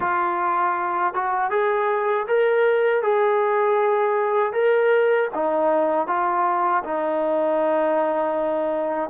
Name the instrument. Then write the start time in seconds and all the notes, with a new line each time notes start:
trombone
0.00 F4
1.14 F#4
1.50 G#4
2.28 A#4
3.02 G#4
4.53 A#4
5.34 D#4
6.07 F4
6.84 D#4